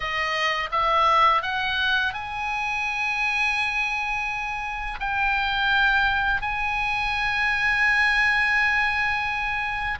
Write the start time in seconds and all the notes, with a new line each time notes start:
0.00 D#5
0.71 E5
1.42 F#5
2.13 G#5
5.00 G5
6.41 G#5